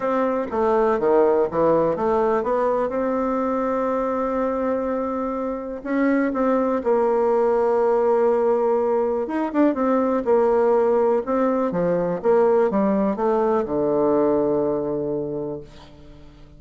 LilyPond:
\new Staff \with { instrumentName = "bassoon" } { \time 4/4 \tempo 4 = 123 c'4 a4 dis4 e4 | a4 b4 c'2~ | c'1 | cis'4 c'4 ais2~ |
ais2. dis'8 d'8 | c'4 ais2 c'4 | f4 ais4 g4 a4 | d1 | }